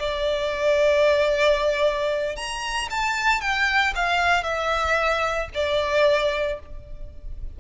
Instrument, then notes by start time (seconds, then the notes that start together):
violin
0.00 D5
2.37 A#5
2.91 A5
3.41 G5
3.96 F5
4.44 E5
5.55 D5